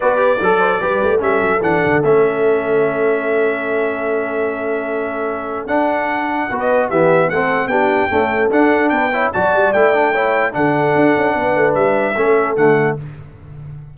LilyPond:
<<
  \new Staff \with { instrumentName = "trumpet" } { \time 4/4 \tempo 4 = 148 d''2. e''4 | fis''4 e''2.~ | e''1~ | e''2 fis''2~ |
fis''16 dis''8. e''4 fis''4 g''4~ | g''4 fis''4 g''4 a''4 | g''2 fis''2~ | fis''4 e''2 fis''4 | }
  \new Staff \with { instrumentName = "horn" } { \time 4/4 b'4 a'8 c''8 b'4 a'4~ | a'1~ | a'1~ | a'1 |
b'4 g'4 a'4 g'4 | a'2 b'8 cis''8 d''4~ | d''4 cis''4 a'2 | b'2 a'2 | }
  \new Staff \with { instrumentName = "trombone" } { \time 4/4 fis'8 g'8 a'4 g'4 cis'4 | d'4 cis'2.~ | cis'1~ | cis'2 d'2 |
fis'4 b4 c'4 d'4 | a4 d'4. e'8 fis'4 | e'8 d'8 e'4 d'2~ | d'2 cis'4 a4 | }
  \new Staff \with { instrumentName = "tuba" } { \time 4/4 b4 fis4 g8 a8 g8 fis8 | e8 d8 a2.~ | a1~ | a2 d'2 |
b4 e4 a4 b4 | cis'4 d'4 b4 fis8 g8 | a2 d4 d'8 cis'8 | b8 a8 g4 a4 d4 | }
>>